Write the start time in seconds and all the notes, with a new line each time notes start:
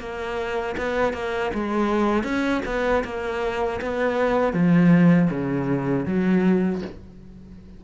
0.00 A#3
0.78 B3
1.14 A#3
1.54 G#3
2.24 C#4
2.66 B3
3.05 A#3
3.81 B3
4.53 F3
5.31 C#3
6.06 F#3